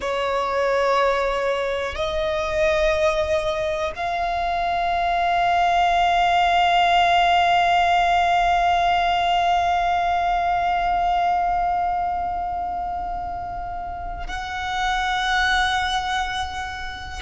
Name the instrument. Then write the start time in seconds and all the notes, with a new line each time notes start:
violin
0.00 C#5
1.95 D#5
3.95 F5
14.27 F#5